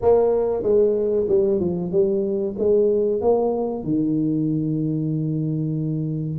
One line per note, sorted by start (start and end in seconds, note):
0.01 0.62 A#3
0.62 1.26 G#3
1.28 1.60 G3
1.60 1.91 F3
1.91 2.55 G3
2.59 3.21 G#3
3.21 3.83 A#3
3.83 6.38 D#3